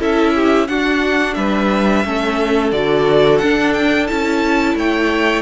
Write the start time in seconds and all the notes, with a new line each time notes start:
0.00 C#4 E4 A4 E5
0.35 G4
0.68 D4 F#4 F#5
1.35 G3 B4 E5
2.05 A3 C#4 A4
2.72 D3 F#4 D5
3.39 D4 F#5
3.74 G5
4.07 C#4 E4 A5
4.75 A3 C#5 G5